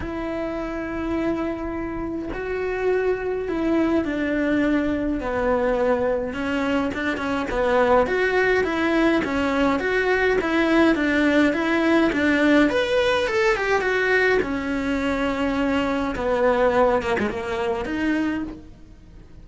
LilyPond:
\new Staff \with { instrumentName = "cello" } { \time 4/4 \tempo 4 = 104 e'1 | fis'2 e'4 d'4~ | d'4 b2 cis'4 | d'8 cis'8 b4 fis'4 e'4 |
cis'4 fis'4 e'4 d'4 | e'4 d'4 b'4 a'8 g'8 | fis'4 cis'2. | b4. ais16 gis16 ais4 dis'4 | }